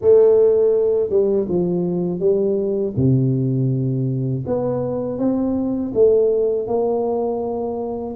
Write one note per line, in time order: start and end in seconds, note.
0.01 1.09 A3
1.09 1.46 G3
1.48 2.19 F3
2.19 2.93 G3
2.96 4.44 C3
4.46 5.18 B3
5.18 5.92 C4
5.94 6.67 A3
6.67 8.15 A#3